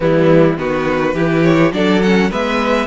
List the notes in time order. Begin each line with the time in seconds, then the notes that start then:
0.00 E3 G3 B3 E4
0.57 D#3 B3 F#4 B4
1.14 E3 E4 G4
1.43 C#5
1.72 F#3 D4 A4 D5
2.01 C#4 F#5
2.30 G#3 B3 B4 E5